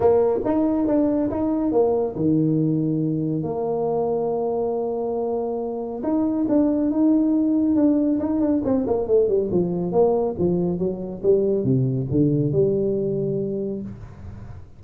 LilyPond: \new Staff \with { instrumentName = "tuba" } { \time 4/4 \tempo 4 = 139 ais4 dis'4 d'4 dis'4 | ais4 dis2. | ais1~ | ais2 dis'4 d'4 |
dis'2 d'4 dis'8 d'8 | c'8 ais8 a8 g8 f4 ais4 | f4 fis4 g4 c4 | d4 g2. | }